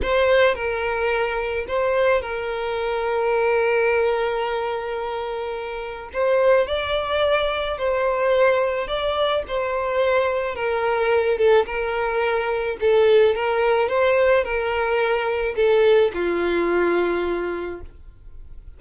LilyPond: \new Staff \with { instrumentName = "violin" } { \time 4/4 \tempo 4 = 108 c''4 ais'2 c''4 | ais'1~ | ais'2. c''4 | d''2 c''2 |
d''4 c''2 ais'4~ | ais'8 a'8 ais'2 a'4 | ais'4 c''4 ais'2 | a'4 f'2. | }